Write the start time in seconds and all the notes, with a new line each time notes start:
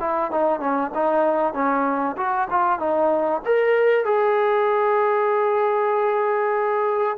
0.00 E4
0.32 D#4
0.60 C#4
0.94 D#4
1.54 C#4
2.17 F#4
2.51 F4
2.79 D#4
3.45 A#4
4.05 G#4